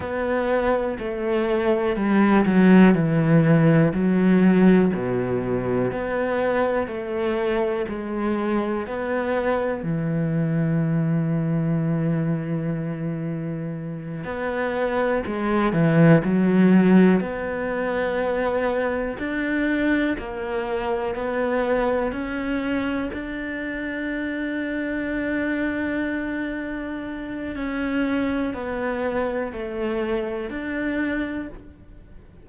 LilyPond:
\new Staff \with { instrumentName = "cello" } { \time 4/4 \tempo 4 = 61 b4 a4 g8 fis8 e4 | fis4 b,4 b4 a4 | gis4 b4 e2~ | e2~ e8 b4 gis8 |
e8 fis4 b2 d'8~ | d'8 ais4 b4 cis'4 d'8~ | d'1 | cis'4 b4 a4 d'4 | }